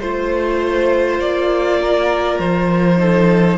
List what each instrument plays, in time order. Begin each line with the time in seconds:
0.00 cello A3, viola F4, violin C5
1.20 cello A#3, violin D5
1.81 violin A#4
2.39 cello F3, violin C5
2.98 viola D#4, violin A4